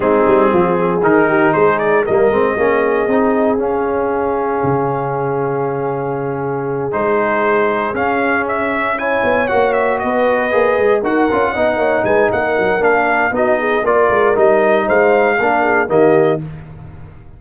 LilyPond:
<<
  \new Staff \with { instrumentName = "trumpet" } { \time 4/4 \tempo 4 = 117 gis'2 ais'4 c''8 d''8 | dis''2. f''4~ | f''1~ | f''4. c''2 f''8~ |
f''8 e''4 gis''4 fis''8 e''8 dis''8~ | dis''4. fis''2 gis''8 | fis''4 f''4 dis''4 d''4 | dis''4 f''2 dis''4 | }
  \new Staff \with { instrumentName = "horn" } { \time 4/4 dis'4 f'8 gis'4 g'8 gis'4 | ais'4 gis'2.~ | gis'1~ | gis'1~ |
gis'4. cis''2 b'8~ | b'4. ais'4 dis''8 cis''8 b'8 | ais'2 fis'8 gis'8 ais'4~ | ais'4 c''4 ais'8 gis'8 g'4 | }
  \new Staff \with { instrumentName = "trombone" } { \time 4/4 c'2 dis'2 | ais8 c'8 cis'4 dis'4 cis'4~ | cis'1~ | cis'4. dis'2 cis'8~ |
cis'4. e'4 fis'4.~ | fis'8 gis'4 fis'8 f'8 dis'4.~ | dis'4 d'4 dis'4 f'4 | dis'2 d'4 ais4 | }
  \new Staff \with { instrumentName = "tuba" } { \time 4/4 gis8 g8 f4 dis4 gis4 | g8 gis8 ais4 c'4 cis'4~ | cis'4 cis2.~ | cis4. gis2 cis'8~ |
cis'2 b8 ais4 b8~ | b8 ais8 gis8 dis'8 cis'8 b8 ais8 gis8 | ais8 fis8 ais4 b4 ais8 gis8 | g4 gis4 ais4 dis4 | }
>>